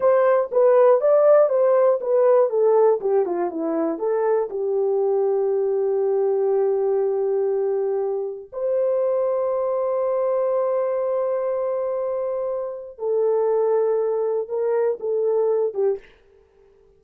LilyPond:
\new Staff \with { instrumentName = "horn" } { \time 4/4 \tempo 4 = 120 c''4 b'4 d''4 c''4 | b'4 a'4 g'8 f'8 e'4 | a'4 g'2.~ | g'1~ |
g'4 c''2.~ | c''1~ | c''2 a'2~ | a'4 ais'4 a'4. g'8 | }